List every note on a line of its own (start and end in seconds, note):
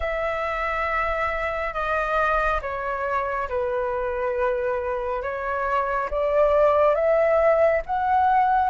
0.00 1.73 E5
1.73 2.60 D#5
2.61 3.48 C#5
3.48 5.22 B4
5.22 6.09 C#5
6.10 6.94 D5
6.94 7.81 E5
7.85 8.70 F#5